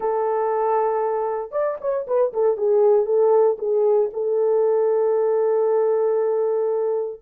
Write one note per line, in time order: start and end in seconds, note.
0.00 1.51 A4
1.51 1.77 D5
1.80 2.06 C#5
2.07 2.33 B4
2.33 2.57 A4
2.57 3.05 G#4
3.05 3.57 A4
3.58 4.09 G#4
4.13 7.21 A4